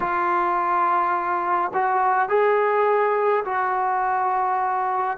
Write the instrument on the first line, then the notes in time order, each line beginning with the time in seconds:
trombone
0.00 F4
1.73 F#4
2.28 G#4
3.44 F#4